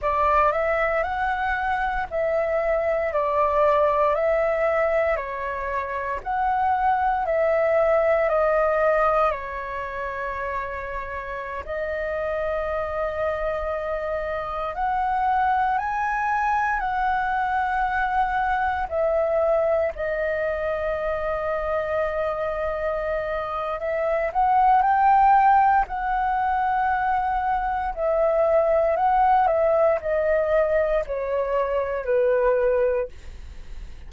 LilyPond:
\new Staff \with { instrumentName = "flute" } { \time 4/4 \tempo 4 = 58 d''8 e''8 fis''4 e''4 d''4 | e''4 cis''4 fis''4 e''4 | dis''4 cis''2~ cis''16 dis''8.~ | dis''2~ dis''16 fis''4 gis''8.~ |
gis''16 fis''2 e''4 dis''8.~ | dis''2. e''8 fis''8 | g''4 fis''2 e''4 | fis''8 e''8 dis''4 cis''4 b'4 | }